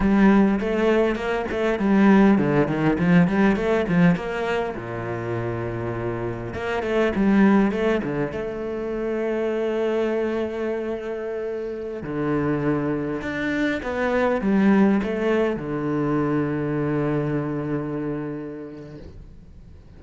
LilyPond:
\new Staff \with { instrumentName = "cello" } { \time 4/4 \tempo 4 = 101 g4 a4 ais8 a8 g4 | d8 dis8 f8 g8 a8 f8 ais4 | ais,2. ais8 a8 | g4 a8 d8 a2~ |
a1~ | a16 d2 d'4 b8.~ | b16 g4 a4 d4.~ d16~ | d1 | }